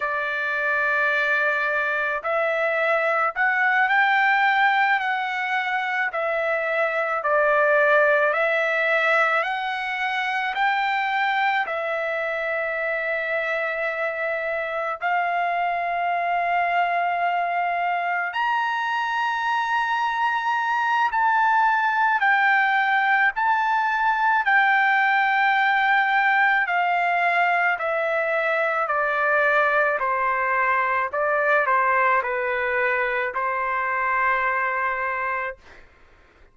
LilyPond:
\new Staff \with { instrumentName = "trumpet" } { \time 4/4 \tempo 4 = 54 d''2 e''4 fis''8 g''8~ | g''8 fis''4 e''4 d''4 e''8~ | e''8 fis''4 g''4 e''4.~ | e''4. f''2~ f''8~ |
f''8 ais''2~ ais''8 a''4 | g''4 a''4 g''2 | f''4 e''4 d''4 c''4 | d''8 c''8 b'4 c''2 | }